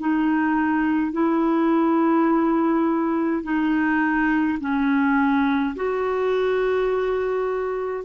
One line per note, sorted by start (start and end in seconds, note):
0.00 1.13 D#4
1.13 3.44 E4
3.44 4.59 D#4
4.60 5.76 C#4
5.76 8.05 F#4